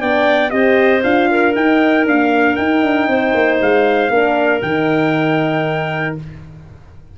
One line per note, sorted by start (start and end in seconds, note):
0.00 0.52 B3
0.00 0.50 D4
0.00 0.52 D5
0.00 0.50 G5
0.50 1.03 C4
0.50 1.01 G4
0.50 1.30 C5
0.50 1.02 D#5
1.04 1.55 D4
1.04 1.55 F4
1.04 1.55 F5
1.31 3.09 A#4
1.56 2.06 D#4
1.56 2.08 D#4
1.56 2.07 G5
2.06 2.58 A#3
2.06 2.57 D4
2.06 2.56 F5
2.56 4.11 D#4
2.56 2.83 D#4
2.56 3.59 G5
2.83 3.08 D4
3.08 3.34 C4
3.08 4.12 C5
3.34 3.60 A#3
3.61 4.10 G#3
3.61 4.62 F5
4.10 4.61 A#3
4.10 4.63 D4
4.10 6.19 A#4
4.62 6.16 D#3
4.62 6.18 D#4
4.62 6.16 G5